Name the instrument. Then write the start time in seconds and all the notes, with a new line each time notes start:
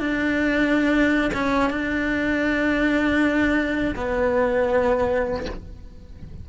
cello
0.00 D4
1.34 C#4
1.70 D4
3.96 B3